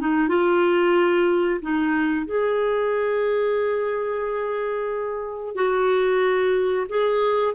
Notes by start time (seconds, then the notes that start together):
0.00 D#4
0.29 F4
1.62 D#4
2.26 G#4
5.55 F#4
6.89 G#4